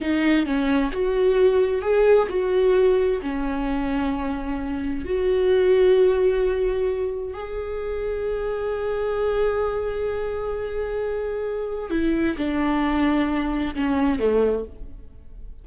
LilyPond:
\new Staff \with { instrumentName = "viola" } { \time 4/4 \tempo 4 = 131 dis'4 cis'4 fis'2 | gis'4 fis'2 cis'4~ | cis'2. fis'4~ | fis'1 |
gis'1~ | gis'1~ | gis'2 e'4 d'4~ | d'2 cis'4 a4 | }